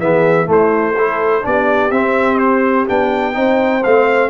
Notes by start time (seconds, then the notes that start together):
0.00 E3 B3 G#4 E5
0.46 A3 E4 C5
0.96 E4 A4
1.42 B3 D4 G4 D5
1.91 C4 E5
2.38 C5
2.88 B3 D4 G5
3.33 C4 D#4 C5
3.83 A3 C4 F5